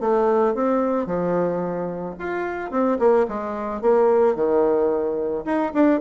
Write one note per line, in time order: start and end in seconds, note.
0.00 0.55 A3
0.55 1.06 C4
1.06 2.15 F3
2.19 2.71 F4
2.71 2.98 C4
2.99 3.26 A#3
3.28 3.82 G#3
3.82 4.36 A#3
4.36 5.45 D#3
5.45 5.72 D#4
5.74 6.00 D4